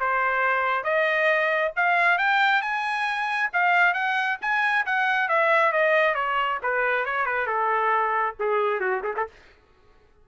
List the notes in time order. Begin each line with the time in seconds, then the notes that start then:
0.00 C5
0.84 D#5
1.76 F5
2.18 G5
2.62 G#5
3.53 F5
3.94 F#5
4.41 G#5
4.86 F#5
5.29 E5
5.72 D#5
6.15 C#5
6.63 B4
7.05 C#5
7.26 B4
7.47 A4
8.39 G#4
8.80 F#4
9.04 G#4
9.17 A4